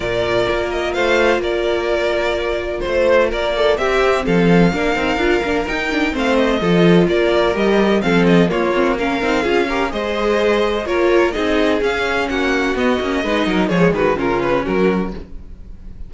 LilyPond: <<
  \new Staff \with { instrumentName = "violin" } { \time 4/4 \tempo 4 = 127 d''4. dis''8 f''4 d''4~ | d''2 c''4 d''4 | e''4 f''2. | g''4 f''8 dis''4. d''4 |
dis''4 f''8 dis''8 cis''4 f''4~ | f''4 dis''2 cis''4 | dis''4 f''4 fis''4 dis''4~ | dis''4 cis''8 b'8 ais'8 b'8 ais'4 | }
  \new Staff \with { instrumentName = "violin" } { \time 4/4 ais'2 c''4 ais'4~ | ais'2 c''4 ais'8 a'8 | g'4 a'4 ais'2~ | ais'4 c''4 a'4 ais'4~ |
ais'4 a'4 f'4 ais'4 | gis'8 ais'8 c''2 ais'4 | gis'2 fis'2 | b'8 ais'8 gis'8 fis'8 f'4 fis'4 | }
  \new Staff \with { instrumentName = "viola" } { \time 4/4 f'1~ | f'1 | c'2 d'8 dis'8 f'8 d'8 | dis'8 d'8 c'4 f'2 |
g'4 c'4 ais8 c'8 cis'8 dis'8 | f'8 g'8 gis'2 f'4 | dis'4 cis'2 b8 cis'8 | dis'4 gis4 cis'2 | }
  \new Staff \with { instrumentName = "cello" } { \time 4/4 ais,4 ais4 a4 ais4~ | ais2 a4 ais4 | c'4 f4 ais8 c'8 d'8 ais8 | dis'4 a4 f4 ais4 |
g4 f4 ais4. c'8 | cis'4 gis2 ais4 | c'4 cis'4 ais4 b8 ais8 | gis8 fis8 f8 dis8 cis4 fis4 | }
>>